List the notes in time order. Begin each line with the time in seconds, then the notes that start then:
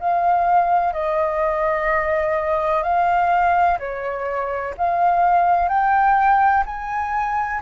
0.00 F5
0.93 D#5
2.83 F5
3.79 C#5
4.77 F5
5.69 G5
6.66 G#5